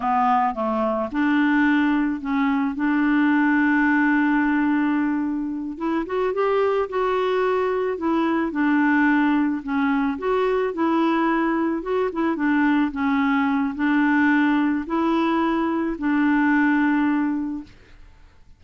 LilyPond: \new Staff \with { instrumentName = "clarinet" } { \time 4/4 \tempo 4 = 109 b4 a4 d'2 | cis'4 d'2.~ | d'2~ d'8 e'8 fis'8 g'8~ | g'8 fis'2 e'4 d'8~ |
d'4. cis'4 fis'4 e'8~ | e'4. fis'8 e'8 d'4 cis'8~ | cis'4 d'2 e'4~ | e'4 d'2. | }